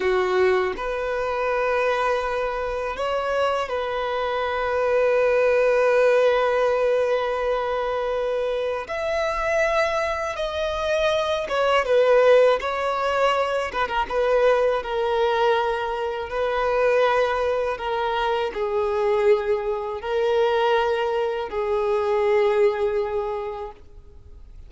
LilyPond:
\new Staff \with { instrumentName = "violin" } { \time 4/4 \tempo 4 = 81 fis'4 b'2. | cis''4 b'2.~ | b'1 | e''2 dis''4. cis''8 |
b'4 cis''4. b'16 ais'16 b'4 | ais'2 b'2 | ais'4 gis'2 ais'4~ | ais'4 gis'2. | }